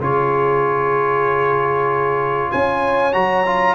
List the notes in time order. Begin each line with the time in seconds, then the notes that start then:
0.00 C#3 F4 G#4 C#5
2.52 C#4 C#5 G#5
3.13 F#3 F#4 A#5
3.46 F4